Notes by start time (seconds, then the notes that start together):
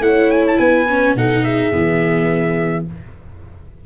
0.00 A3 E4 C#5 F#5
0.31 G#5
0.47 A5
0.58 B3 B4 G#5
0.89 C#4
1.16 B2 D#4 A4 F#5
1.44 G#4 E5
1.72 E3 B3